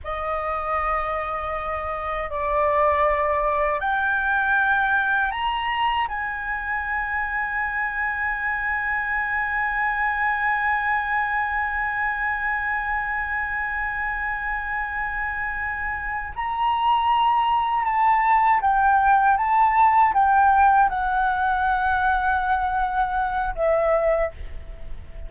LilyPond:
\new Staff \with { instrumentName = "flute" } { \time 4/4 \tempo 4 = 79 dis''2. d''4~ | d''4 g''2 ais''4 | gis''1~ | gis''1~ |
gis''1~ | gis''4. ais''2 a''8~ | a''8 g''4 a''4 g''4 fis''8~ | fis''2. e''4 | }